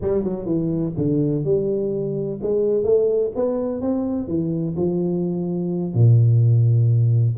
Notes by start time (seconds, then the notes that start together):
0.01 G3
0.24 F#3
0.45 E3
0.97 D3
1.44 G3
2.42 G#3
2.83 A3
3.35 B3
3.81 C4
4.27 E3
4.76 F3
5.94 A#2